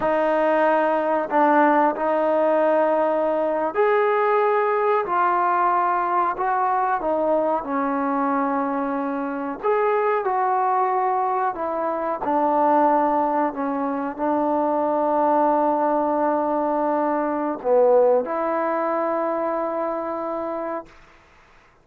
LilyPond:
\new Staff \with { instrumentName = "trombone" } { \time 4/4 \tempo 4 = 92 dis'2 d'4 dis'4~ | dis'4.~ dis'16 gis'2 f'16~ | f'4.~ f'16 fis'4 dis'4 cis'16~ | cis'2~ cis'8. gis'4 fis'16~ |
fis'4.~ fis'16 e'4 d'4~ d'16~ | d'8. cis'4 d'2~ d'16~ | d'2. b4 | e'1 | }